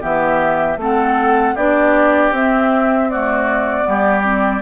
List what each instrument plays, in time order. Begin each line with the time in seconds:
0.00 bassoon E3, clarinet B3, oboe G4, flute E5
0.77 bassoon A3, clarinet C4, oboe A4, flute F#5
1.55 bassoon B3, clarinet D4, oboe G4, flute D5
2.31 bassoon C4, clarinet C4, flute E5
3.10 clarinet A3, oboe F#4, flute D5
3.83 bassoon G3, clarinet B3, oboe G4
4.23 clarinet C4